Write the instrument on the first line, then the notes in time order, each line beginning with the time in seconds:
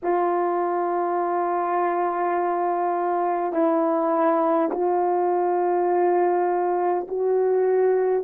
horn
0.02 F4
3.52 E4
4.71 F4
7.07 F#4